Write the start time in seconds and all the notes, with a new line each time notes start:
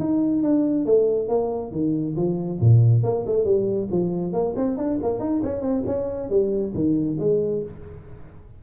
0.00 D#4
0.43 D4
0.86 A3
1.29 A#3
1.72 D#3
2.17 F3
2.61 A#2
3.04 A#3
3.27 A3
3.45 G3
3.92 F3
4.33 A#3
4.57 C4
4.77 D4
5.03 A#3
5.20 D#4
5.43 C#4
5.62 C4
5.87 C#4
6.30 G3
6.75 D#3
7.20 G#3